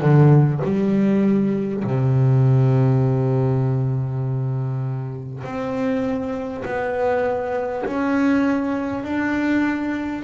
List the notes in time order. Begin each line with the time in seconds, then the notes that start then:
0.00 D3
0.63 G3
1.84 C3
5.44 C4
6.65 B3
7.85 C#4
9.04 D4